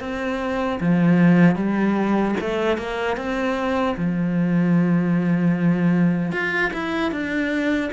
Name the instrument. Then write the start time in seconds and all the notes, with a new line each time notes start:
cello
0.00 C4
0.80 F3
1.55 G3
2.40 A3
2.77 A#3
3.17 C4
3.97 F3
6.32 F4
6.73 E4
7.11 D4